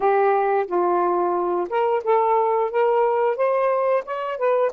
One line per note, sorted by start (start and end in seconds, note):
0.00 0.66 G4
0.66 1.68 F4
1.69 2.03 A#4
2.03 2.70 A4
2.70 3.36 A#4
3.36 4.03 C5
4.05 4.37 C#5
4.37 4.71 B4